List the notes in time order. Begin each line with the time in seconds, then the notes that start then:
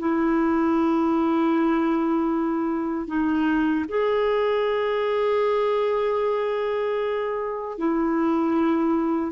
0.00 E4
3.08 D#4
3.89 G#4
7.78 E4